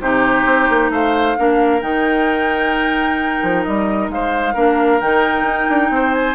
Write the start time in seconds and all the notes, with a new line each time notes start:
0.00 C3 D#4 G4 C5
0.45 C4
0.70 A#3
0.90 A3 C5 F5
1.37 A#3 D4 A#4
1.81 D#3 D#4 G5
3.43 F3
3.63 G3 D#5
4.09 G#3 C5 F5
4.54 A#3 D4 A#4
5.01 D#3 D#4 G5
5.43 D#4
5.69 D4
5.90 C4 C5
6.13 G#5